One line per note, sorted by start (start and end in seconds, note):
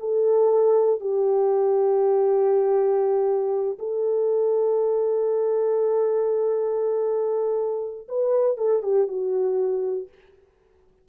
0.00 1.01 A4
1.01 3.78 G4
3.79 8.08 A4
8.09 8.58 B4
8.58 8.83 A4
8.83 9.08 G4
9.08 10.09 F#4